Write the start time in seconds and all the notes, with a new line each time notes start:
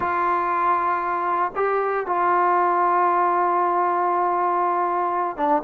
0.00 F4
1.55 G4
2.06 F4
5.37 D4